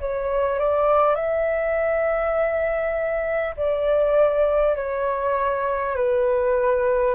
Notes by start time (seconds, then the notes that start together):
0.00 C#5
0.59 D5
1.16 E5
3.57 D5
4.76 C#5
5.96 B4